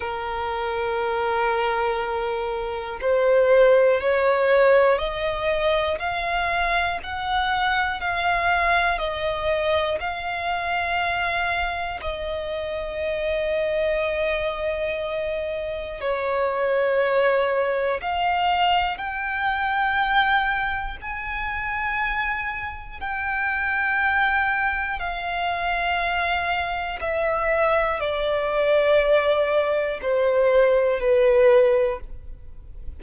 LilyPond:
\new Staff \with { instrumentName = "violin" } { \time 4/4 \tempo 4 = 60 ais'2. c''4 | cis''4 dis''4 f''4 fis''4 | f''4 dis''4 f''2 | dis''1 |
cis''2 f''4 g''4~ | g''4 gis''2 g''4~ | g''4 f''2 e''4 | d''2 c''4 b'4 | }